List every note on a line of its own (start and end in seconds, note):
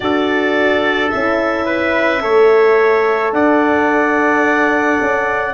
0.00 1.12 D4
0.00 1.11 F#4
0.00 1.65 A4
0.00 1.09 D5
1.09 2.24 C#4
1.09 2.20 E4
1.09 3.32 E5
1.65 2.21 B4
2.20 3.32 A3
2.20 5.54 A4
2.20 3.34 C#5
3.32 4.99 D4
3.32 5.54 D5
3.32 5.54 F#5
5.01 5.54 C#4